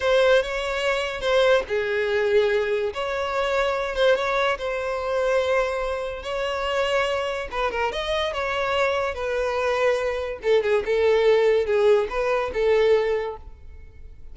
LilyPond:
\new Staff \with { instrumentName = "violin" } { \time 4/4 \tempo 4 = 144 c''4 cis''2 c''4 | gis'2. cis''4~ | cis''4. c''8 cis''4 c''4~ | c''2. cis''4~ |
cis''2 b'8 ais'8 dis''4 | cis''2 b'2~ | b'4 a'8 gis'8 a'2 | gis'4 b'4 a'2 | }